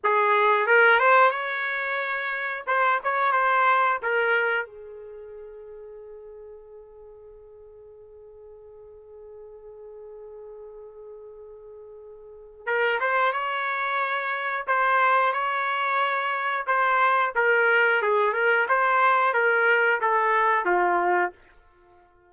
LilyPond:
\new Staff \with { instrumentName = "trumpet" } { \time 4/4 \tempo 4 = 90 gis'4 ais'8 c''8 cis''2 | c''8 cis''8 c''4 ais'4 gis'4~ | gis'1~ | gis'1~ |
gis'2. ais'8 c''8 | cis''2 c''4 cis''4~ | cis''4 c''4 ais'4 gis'8 ais'8 | c''4 ais'4 a'4 f'4 | }